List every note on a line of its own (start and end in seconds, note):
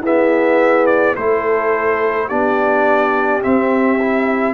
0.00 1.16 B3
0.00 1.13 E4
0.00 1.15 G#4
0.00 0.86 E5
0.86 1.15 D5
1.16 2.30 A3
1.16 2.29 E4
1.16 2.28 A4
1.16 2.28 C5
2.28 3.43 B3
2.28 3.42 D4
2.28 4.54 G4
2.28 3.41 D5
3.42 3.99 C4
3.42 4.54 C4
3.42 4.54 E5
4.00 4.54 E4